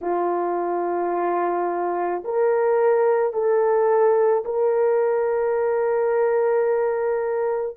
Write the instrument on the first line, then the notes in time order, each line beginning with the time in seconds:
horn
0.01 F4
2.24 A#4
3.33 A4
4.44 A#4